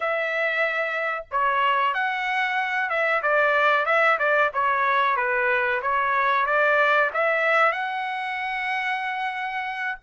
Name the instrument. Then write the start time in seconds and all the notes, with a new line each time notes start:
trumpet
0.00 E5
1.31 C#5
1.94 F#5
2.89 E5
3.22 D5
3.85 E5
4.18 D5
4.53 C#5
5.16 B4
5.82 C#5
6.45 D5
7.13 E5
7.72 F#5